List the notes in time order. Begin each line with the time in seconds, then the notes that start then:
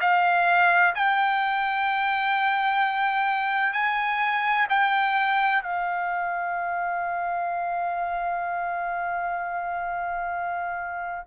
0.00 F5
0.95 G5
3.73 G#5
4.69 G5
5.62 F5